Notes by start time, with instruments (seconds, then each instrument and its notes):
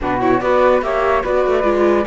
0.00 cello B2, viola D4, flute F#4 B4
0.20 viola E4, flute C#5
0.40 cello B3, viola F#4, flute B4 D5
0.81 cello A#3, viola G4, flute C#5 E5
1.23 cello B3, viola F#4, flute B4 D5
1.46 cello A3
1.63 cello G#3, viola F4